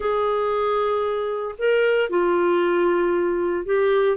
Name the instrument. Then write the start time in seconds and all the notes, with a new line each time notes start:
clarinet
0.00 G#4
1.58 A#4
2.09 F4
3.65 G4